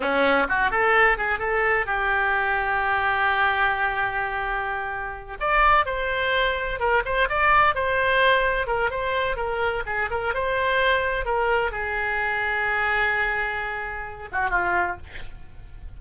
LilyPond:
\new Staff \with { instrumentName = "oboe" } { \time 4/4 \tempo 4 = 128 cis'4 fis'8 a'4 gis'8 a'4 | g'1~ | g'2.~ g'8 d''8~ | d''8 c''2 ais'8 c''8 d''8~ |
d''8 c''2 ais'8 c''4 | ais'4 gis'8 ais'8 c''2 | ais'4 gis'2.~ | gis'2~ gis'8 fis'8 f'4 | }